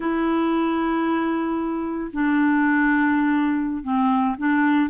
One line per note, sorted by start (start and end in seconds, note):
0.00 2.11 E4
2.12 3.83 D4
3.83 4.36 C4
4.38 4.89 D4